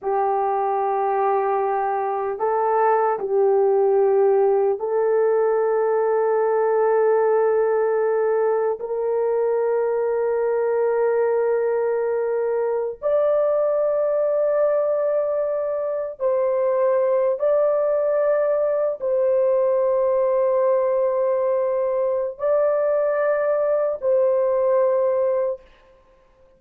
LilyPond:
\new Staff \with { instrumentName = "horn" } { \time 4/4 \tempo 4 = 75 g'2. a'4 | g'2 a'2~ | a'2. ais'4~ | ais'1~ |
ais'16 d''2.~ d''8.~ | d''16 c''4. d''2 c''16~ | c''1 | d''2 c''2 | }